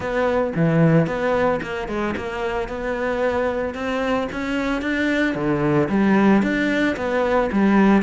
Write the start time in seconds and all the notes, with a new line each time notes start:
0.00 B3
0.55 E3
1.06 B3
1.62 A#3
1.87 G#3
2.16 A#3
2.68 B3
3.74 C4
4.31 C#4
4.81 D4
5.34 D3
5.89 G3
6.42 D4
6.96 B3
7.51 G3